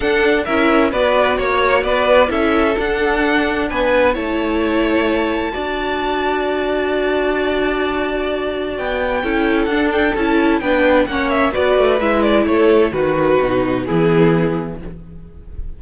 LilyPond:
<<
  \new Staff \with { instrumentName = "violin" } { \time 4/4 \tempo 4 = 130 fis''4 e''4 d''4 cis''4 | d''4 e''4 fis''2 | gis''4 a''2.~ | a''1~ |
a''2. g''4~ | g''4 fis''8 g''8 a''4 g''4 | fis''8 e''8 d''4 e''8 d''8 cis''4 | b'2 gis'2 | }
  \new Staff \with { instrumentName = "violin" } { \time 4/4 a'4 ais'4 b'4 cis''4 | b'4 a'2. | b'4 cis''2. | d''1~ |
d''1 | a'2. b'4 | cis''4 b'2 a'4 | fis'2 e'2 | }
  \new Staff \with { instrumentName = "viola" } { \time 4/4 d'4 e'4 fis'2~ | fis'4 e'4 d'2~ | d'4 e'2. | fis'1~ |
fis'1 | e'4 d'4 e'4 d'4 | cis'4 fis'4 e'2 | fis'4 dis'4 b2 | }
  \new Staff \with { instrumentName = "cello" } { \time 4/4 d'4 cis'4 b4 ais4 | b4 cis'4 d'2 | b4 a2. | d'1~ |
d'2. b4 | cis'4 d'4 cis'4 b4 | ais4 b8 a8 gis4 a4 | dis4 b,4 e2 | }
>>